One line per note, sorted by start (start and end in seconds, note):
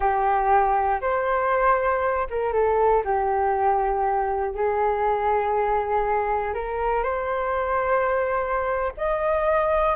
0.00 1.00 G4
1.01 2.27 C5
2.29 2.52 A#4
2.52 3.03 A4
3.04 4.54 G4
4.54 6.54 G#4
6.54 7.03 A#4
7.03 8.92 C5
8.97 9.95 D#5